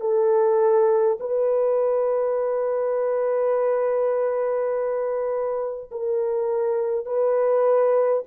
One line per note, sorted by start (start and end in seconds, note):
0.00 1.18 A4
1.20 5.90 B4
5.91 7.05 A#4
7.05 8.23 B4